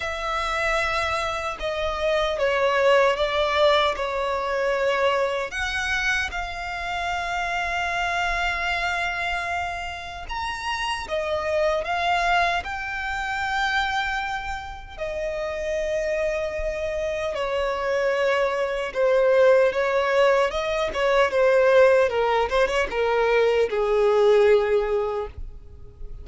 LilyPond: \new Staff \with { instrumentName = "violin" } { \time 4/4 \tempo 4 = 76 e''2 dis''4 cis''4 | d''4 cis''2 fis''4 | f''1~ | f''4 ais''4 dis''4 f''4 |
g''2. dis''4~ | dis''2 cis''2 | c''4 cis''4 dis''8 cis''8 c''4 | ais'8 c''16 cis''16 ais'4 gis'2 | }